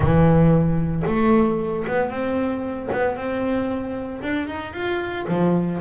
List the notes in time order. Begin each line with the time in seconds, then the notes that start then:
0.00 E3
1.06 A3
1.87 B3
2.10 C4
2.92 B3
3.16 C4
4.22 D4
4.47 D#4
4.73 F4
5.28 F3